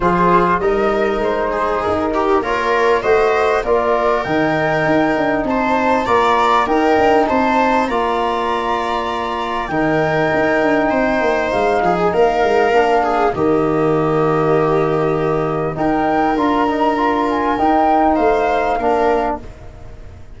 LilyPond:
<<
  \new Staff \with { instrumentName = "flute" } { \time 4/4 \tempo 4 = 99 c''4 dis''4 c''4 ais'4 | cis''4 dis''4 d''4 g''4~ | g''4 a''4 ais''4 g''4 | a''4 ais''2. |
g''2. f''8. gis''16 | f''2 dis''2~ | dis''2 g''4 ais''4~ | ais''8 gis''8 g''4 f''2 | }
  \new Staff \with { instrumentName = "viola" } { \time 4/4 gis'4 ais'4. gis'4 g'8 | ais'4 c''4 ais'2~ | ais'4 c''4 d''4 ais'4 | c''4 d''2. |
ais'2 c''4. gis'8 | ais'4. gis'8 g'2~ | g'2 ais'2~ | ais'2 c''4 ais'4 | }
  \new Staff \with { instrumentName = "trombone" } { \time 4/4 f'4 dis'2. | f'4 fis'4 f'4 dis'4~ | dis'2 f'4 dis'4~ | dis'4 f'2. |
dis'1~ | dis'4 d'4 ais2~ | ais2 dis'4 f'8 dis'8 | f'4 dis'2 d'4 | }
  \new Staff \with { instrumentName = "tuba" } { \time 4/4 f4 g4 gis4 dis'4 | ais4 a4 ais4 dis4 | dis'8 d'8 c'4 ais4 dis'8 d'8 | c'4 ais2. |
dis4 dis'8 d'8 c'8 ais8 gis8 f8 | ais8 gis8 ais4 dis2~ | dis2 dis'4 d'4~ | d'4 dis'4 a4 ais4 | }
>>